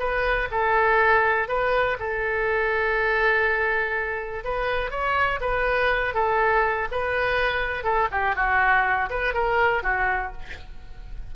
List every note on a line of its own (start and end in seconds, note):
0.00 0.49 B4
0.51 1.49 A4
1.49 1.98 B4
2.00 4.45 A4
4.45 4.91 B4
4.91 5.40 C#5
5.41 6.15 B4
6.15 6.88 A4
6.92 7.84 B4
7.84 8.09 A4
8.12 8.36 G4
8.36 9.10 F#4
9.10 9.34 B4
9.34 9.84 A#4
9.84 10.33 F#4